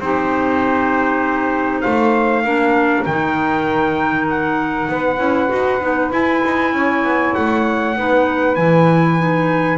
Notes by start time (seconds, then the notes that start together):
0.00 C4 D#4 G4 C5
1.81 A3 C5 F5
2.45 A#3 D4 A#4
3.05 D#3 D#4 G5
4.29 F#5
4.89 B3 B4
5.18 C#4 E4
5.48 D#4 F#4
5.81 B3 D#4
6.11 E4 G#5
6.45 D#4
6.73 C#4 C#5
7.04 B3
7.35 A3 F#5
7.97 B3 D#4 B4
8.55 E3 E4 G#5
9.18 D#4